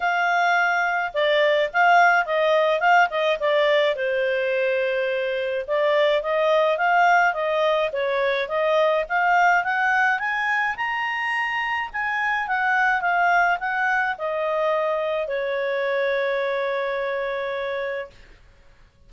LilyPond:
\new Staff \with { instrumentName = "clarinet" } { \time 4/4 \tempo 4 = 106 f''2 d''4 f''4 | dis''4 f''8 dis''8 d''4 c''4~ | c''2 d''4 dis''4 | f''4 dis''4 cis''4 dis''4 |
f''4 fis''4 gis''4 ais''4~ | ais''4 gis''4 fis''4 f''4 | fis''4 dis''2 cis''4~ | cis''1 | }